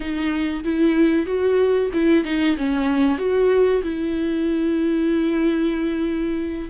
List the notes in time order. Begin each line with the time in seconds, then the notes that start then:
0.00 D#4
0.64 E4
1.26 F#4
1.93 E4
2.24 D#4
2.57 C#4
3.18 F#4
3.82 E4